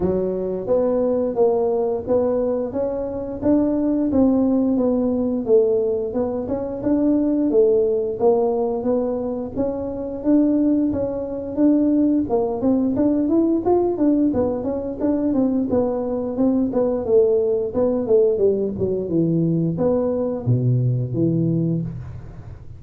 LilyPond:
\new Staff \with { instrumentName = "tuba" } { \time 4/4 \tempo 4 = 88 fis4 b4 ais4 b4 | cis'4 d'4 c'4 b4 | a4 b8 cis'8 d'4 a4 | ais4 b4 cis'4 d'4 |
cis'4 d'4 ais8 c'8 d'8 e'8 | f'8 d'8 b8 cis'8 d'8 c'8 b4 | c'8 b8 a4 b8 a8 g8 fis8 | e4 b4 b,4 e4 | }